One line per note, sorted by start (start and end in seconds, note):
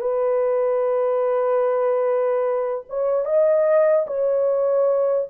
0.00 2.84 B4
2.89 3.25 C#5
3.25 4.06 D#5
4.07 5.28 C#5